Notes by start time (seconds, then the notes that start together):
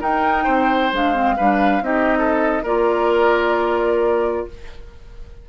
0.00 D#4 A#4 G5
0.44 C4 C5
0.92 G#3 D4 F5
1.14 C4
1.37 G3 D4 B4
1.81 C4 D#4 G4 D#5
2.18 A4
2.63 A#3 F4 A#4 D5